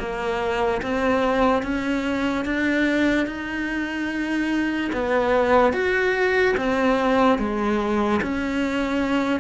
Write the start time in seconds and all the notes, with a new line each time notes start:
0.00 A#3
0.83 C4
1.63 C#4
2.45 D4
3.27 D#4
4.93 B3
5.73 F#4
6.58 C4
7.39 G#3
8.23 C#4